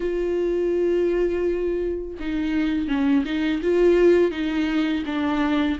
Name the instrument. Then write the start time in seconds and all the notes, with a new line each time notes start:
viola
0.00 F4
2.19 D#4
2.88 C#4
3.25 D#4
3.62 F4
4.31 D#4
5.06 D4